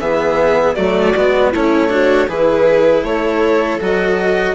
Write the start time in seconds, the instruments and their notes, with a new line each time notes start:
0.00 bassoon E3, cello B3, viola G#4, violin E5
0.74 bassoon F#3, cello A3, viola F#4, violin D5
1.15 bassoon G#3, cello B3
1.51 bassoon A3, cello C#4, viola E4, violin C#5
1.89 cello D4, viola F#4
2.27 bassoon E3, cello E4, viola G#4, violin B4
3.03 bassoon A3, viola A4, violin C#5
3.80 bassoon F#3, cello F#4, violin D#5